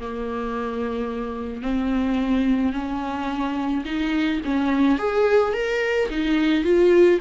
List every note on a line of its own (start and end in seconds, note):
0.00 1.62 A#3
1.62 2.73 C4
2.73 3.84 C#4
3.85 4.41 D#4
4.45 4.99 C#4
4.99 5.54 G#4
5.54 6.09 A#4
6.10 6.64 D#4
6.64 7.20 F4